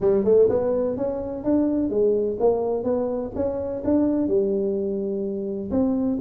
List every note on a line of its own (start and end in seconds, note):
0.00 0.24 G3
0.24 0.48 A3
0.49 0.96 B3
0.96 1.44 C#4
1.44 1.89 D4
1.89 2.37 G#3
2.39 2.83 A#3
2.83 3.31 B3
3.35 3.82 C#4
3.84 4.27 D4
4.27 5.70 G3
5.71 6.18 C4